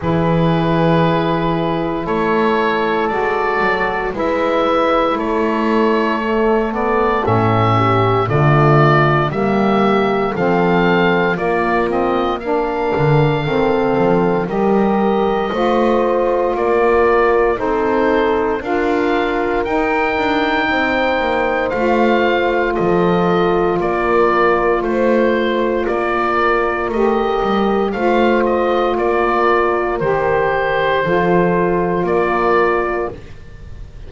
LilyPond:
<<
  \new Staff \with { instrumentName = "oboe" } { \time 4/4 \tempo 4 = 58 b'2 cis''4 d''4 | e''4 cis''4. d''8 e''4 | d''4 e''4 f''4 d''8 dis''8 | f''2 dis''2 |
d''4 c''4 f''4 g''4~ | g''4 f''4 dis''4 d''4 | c''4 d''4 dis''4 f''8 dis''8 | d''4 c''2 d''4 | }
  \new Staff \with { instrumentName = "horn" } { \time 4/4 gis'2 a'2 | b'4 a'2~ a'8 g'8 | f'4 g'4 a'4 f'4 | ais'4 a'4 ais'4 c''4 |
ais'4 a'4 ais'2 | c''2 a'4 ais'4 | c''4 ais'2 c''4 | ais'2 a'4 ais'4 | }
  \new Staff \with { instrumentName = "saxophone" } { \time 4/4 e'2. fis'4 | e'2 a8 b8 cis'4 | a4 ais4 c'4 ais8 c'8 | d'4 c'4 g'4 f'4~ |
f'4 dis'4 f'4 dis'4~ | dis'4 f'2.~ | f'2 g'4 f'4~ | f'4 g'4 f'2 | }
  \new Staff \with { instrumentName = "double bass" } { \time 4/4 e2 a4 gis8 fis8 | gis4 a2 a,4 | d4 g4 f4 ais4~ | ais8 d8 dis8 f8 g4 a4 |
ais4 c'4 d'4 dis'8 d'8 | c'8 ais8 a4 f4 ais4 | a4 ais4 a8 g8 a4 | ais4 dis4 f4 ais4 | }
>>